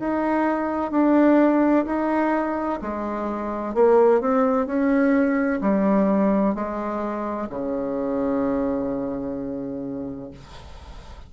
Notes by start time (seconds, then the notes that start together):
0.00 D#4
0.92 D4
1.86 D#4
2.82 G#3
3.75 A#3
4.21 C4
4.67 C#4
5.62 G3
6.55 G#3
7.50 C#3